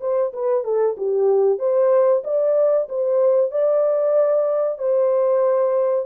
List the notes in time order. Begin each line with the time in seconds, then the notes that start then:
0.00 C5
0.32 B4
0.64 A4
0.97 G4
1.58 C5
2.24 D5
2.88 C5
3.51 D5
4.78 C5